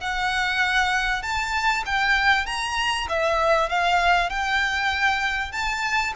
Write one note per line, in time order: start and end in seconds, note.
0.00 1.22 F#5
1.22 1.83 A5
1.86 2.46 G5
2.46 3.07 A#5
3.09 3.69 E5
3.69 4.30 F5
4.30 5.52 G5
5.52 6.13 A5